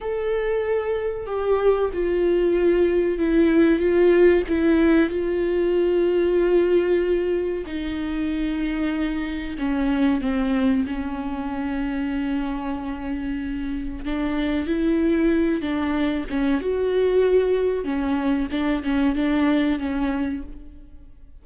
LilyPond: \new Staff \with { instrumentName = "viola" } { \time 4/4 \tempo 4 = 94 a'2 g'4 f'4~ | f'4 e'4 f'4 e'4 | f'1 | dis'2. cis'4 |
c'4 cis'2.~ | cis'2 d'4 e'4~ | e'8 d'4 cis'8 fis'2 | cis'4 d'8 cis'8 d'4 cis'4 | }